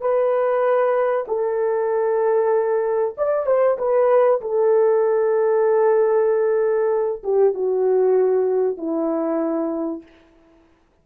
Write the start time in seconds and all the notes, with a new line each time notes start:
0.00 B4
1.28 A4
3.17 D5
3.46 C5
3.78 B4
4.41 A4
7.23 G4
7.54 F#4
8.77 E4